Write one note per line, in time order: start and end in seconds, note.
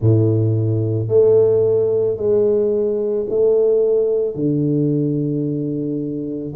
0.00 1.08 A2
1.08 2.17 A3
2.17 3.26 G#3
3.29 4.35 A3
4.35 6.53 D3